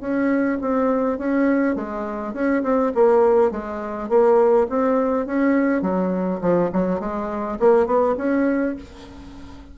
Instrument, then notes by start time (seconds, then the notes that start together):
bassoon
0.00 C#4
0.61 C4
1.18 C#4
1.75 G#3
2.33 C#4
2.63 C4
2.94 A#3
3.51 G#3
4.09 A#3
4.69 C4
5.26 C#4
5.82 F#3
6.41 F3
6.72 F#3
7.00 G#3
7.59 A#3
7.86 B3
8.17 C#4